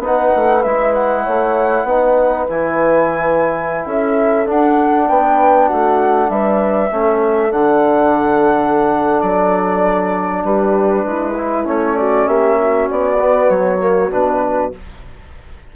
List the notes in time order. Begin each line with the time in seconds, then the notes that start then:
0.00 B3 D#4 B4 F#5
0.36 A3
0.63 G#3 E4 E5
0.94 F#5
1.24 A3 C#5
1.84 B3 D#4 B4
2.50 E3 E4 G#5
3.86 C#4 A4 E5
4.46 D4 F#5
5.08 B3 B4 G5
5.67 A3 F#4 F#5
6.30 G3 B4 E5
6.91 A3 C#4 A4
7.52 D3 D4 F#5
9.21 F#3 D5
10.45 G3 G4 B4
11.05 G#3 E4
11.38 E4
11.65 A3 C#4 C#5
11.98 F#4 D5
12.28 A#3 G4 E5
12.61 F#4
12.91 B3 D5
13.20 B3
13.50 F#3 C#5
13.80 A#3
14.11 B2 D4 B4